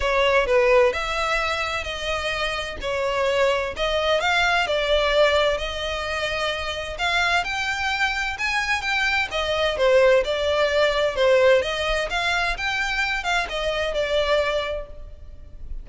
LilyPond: \new Staff \with { instrumentName = "violin" } { \time 4/4 \tempo 4 = 129 cis''4 b'4 e''2 | dis''2 cis''2 | dis''4 f''4 d''2 | dis''2. f''4 |
g''2 gis''4 g''4 | dis''4 c''4 d''2 | c''4 dis''4 f''4 g''4~ | g''8 f''8 dis''4 d''2 | }